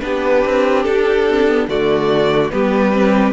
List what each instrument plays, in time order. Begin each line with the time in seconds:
0.00 cello B3, viola D4, violin G4 B4
0.45 cello C4
0.83 cello D4, violin A4
1.30 viola C4
1.48 viola B3
1.68 cello D3, viola A3, violin F#4 D5
2.50 cello G3, viola B3, violin G4 B4
2.92 viola C4